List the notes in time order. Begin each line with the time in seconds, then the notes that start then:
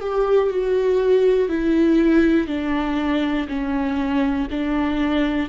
0.00 G4
0.50 F#4
1.48 E4
2.47 D4
3.47 C#4
4.50 D4